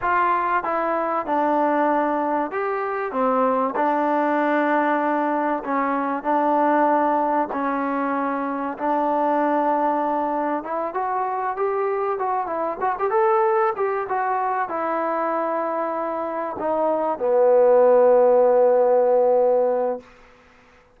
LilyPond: \new Staff \with { instrumentName = "trombone" } { \time 4/4 \tempo 4 = 96 f'4 e'4 d'2 | g'4 c'4 d'2~ | d'4 cis'4 d'2 | cis'2 d'2~ |
d'4 e'8 fis'4 g'4 fis'8 | e'8 fis'16 g'16 a'4 g'8 fis'4 e'8~ | e'2~ e'8 dis'4 b8~ | b1 | }